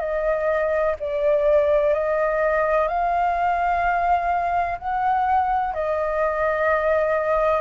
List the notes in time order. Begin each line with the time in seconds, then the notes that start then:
0.00 D#5
1.00 D5
1.94 D#5
2.88 F5
4.79 F#5
5.74 D#5